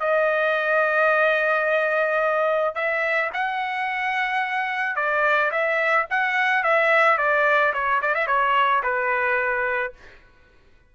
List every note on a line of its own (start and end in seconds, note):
0.00 2.75 D#5
2.75 3.30 E5
3.34 4.96 F#5
4.96 5.51 D5
5.51 6.07 E5
6.11 6.64 F#5
6.64 7.18 E5
7.18 7.73 D5
7.74 8.01 C#5
8.02 8.15 D5
8.15 8.27 E5
8.27 8.82 C#5
8.83 9.93 B4